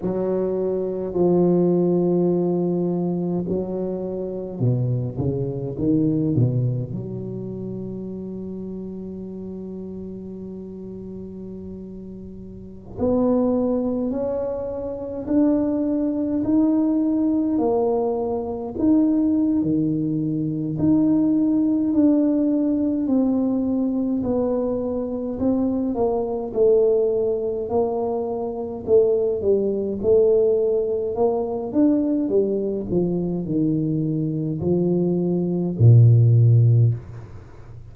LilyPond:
\new Staff \with { instrumentName = "tuba" } { \time 4/4 \tempo 4 = 52 fis4 f2 fis4 | b,8 cis8 dis8 b,8 fis2~ | fis2.~ fis16 b8.~ | b16 cis'4 d'4 dis'4 ais8.~ |
ais16 dis'8. dis4 dis'4 d'4 | c'4 b4 c'8 ais8 a4 | ais4 a8 g8 a4 ais8 d'8 | g8 f8 dis4 f4 ais,4 | }